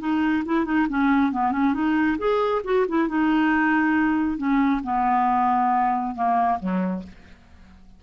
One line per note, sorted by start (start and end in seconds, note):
0.00 0.44 D#4
0.45 0.65 E4
0.65 0.87 D#4
0.89 1.32 C#4
1.32 1.52 B3
1.52 1.74 C#4
1.74 2.18 D#4
2.18 2.62 G#4
2.65 2.86 F#4
2.88 3.09 E4
3.09 4.38 D#4
4.38 4.81 C#4
4.84 6.15 B3
6.16 6.59 A#3
6.60 7.03 F#3